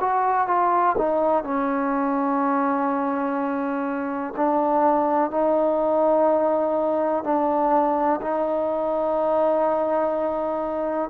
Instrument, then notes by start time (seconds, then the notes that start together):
trombone
0.00 F#4
0.48 F4
0.98 D#4
1.44 C#4
4.36 D4
5.30 D#4
7.24 D4
8.22 D#4